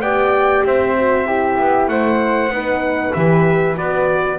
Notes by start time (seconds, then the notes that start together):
0.00 B3 G4 D5 G5
0.65 C4 C5 E5
0.97 F#4
1.26 E4 G4
1.59 B3
1.88 A3 C5 F#5
2.49 B3 D#4 B4
3.14 E3 G4 E5
3.75 B3 F#4 D5